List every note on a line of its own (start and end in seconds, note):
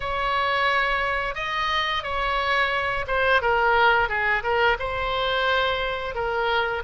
0.00 1.35 C#5
1.35 2.03 D#5
2.03 3.05 C#5
3.07 3.41 C5
3.41 4.08 A#4
4.08 4.43 G#4
4.43 4.77 A#4
4.79 6.14 C5
6.14 6.82 A#4